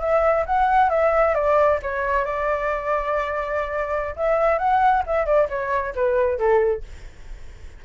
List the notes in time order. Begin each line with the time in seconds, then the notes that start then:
0.00 E5
0.46 F#5
0.90 E5
1.34 D5
1.82 C#5
2.25 D5
4.16 E5
4.58 F#5
5.07 E5
5.26 D5
5.49 C#5
5.95 B4
6.38 A4